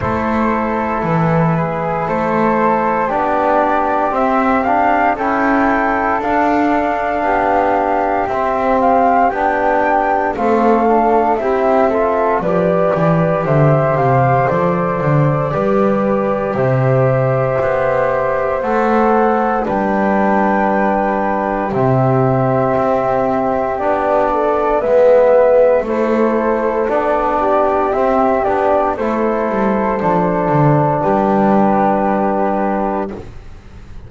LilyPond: <<
  \new Staff \with { instrumentName = "flute" } { \time 4/4 \tempo 4 = 58 c''4 b'4 c''4 d''4 | e''8 f''8 g''4 f''2 | e''8 f''8 g''4 f''4 e''4 | d''4 e''8 f''8 d''2 |
e''2 fis''4 g''4~ | g''4 e''2 d''4 | e''4 c''4 d''4 e''8 d''8 | c''2 b'2 | }
  \new Staff \with { instrumentName = "flute" } { \time 4/4 a'4. gis'8 a'4 g'4~ | g'4 a'2 g'4~ | g'2 a'4 g'8 a'8 | b'4 c''2 b'4 |
c''2. b'4~ | b'4 g'2~ g'8 a'8 | b'4 a'4. g'4. | a'2 g'2 | }
  \new Staff \with { instrumentName = "trombone" } { \time 4/4 e'2. d'4 | c'8 d'8 e'4 d'2 | c'4 d'4 c'8 d'8 e'8 f'8 | g'2 a'4 g'4~ |
g'2 a'4 d'4~ | d'4 c'2 d'4 | b4 e'4 d'4 c'8 d'8 | e'4 d'2. | }
  \new Staff \with { instrumentName = "double bass" } { \time 4/4 a4 e4 a4 b4 | c'4 cis'4 d'4 b4 | c'4 b4 a4 c'4 | f8 e8 d8 c8 f8 d8 g4 |
c4 b4 a4 g4~ | g4 c4 c'4 b4 | gis4 a4 b4 c'8 b8 | a8 g8 f8 d8 g2 | }
>>